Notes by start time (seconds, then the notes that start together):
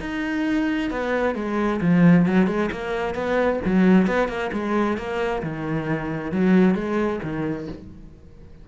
0.00 D#4
0.90 B3
1.35 G#3
1.81 F3
2.26 F#3
2.47 G#3
2.72 A#3
3.15 B3
3.65 F#3
4.07 B3
4.28 A#3
4.53 G#3
4.97 A#3
5.43 D#3
6.32 F#3
6.75 G#3
7.23 D#3